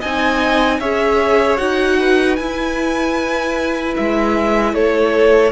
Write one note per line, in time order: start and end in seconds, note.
0.00 0.79 C4
0.00 0.81 D#4
0.00 0.79 D#5
0.00 0.80 G#5
0.79 1.58 C#4
0.79 1.58 G#4
0.79 1.98 C#5
0.79 1.57 E5
1.57 2.38 D#4
1.57 2.37 F#4
1.57 2.36 F#5
1.99 4.74 B4
2.36 3.96 E4
2.36 5.52 E4
2.36 3.94 G#5
3.96 4.73 G#3
3.96 4.74 E5
4.73 5.52 A3
4.73 5.52 A4
4.73 5.52 C#5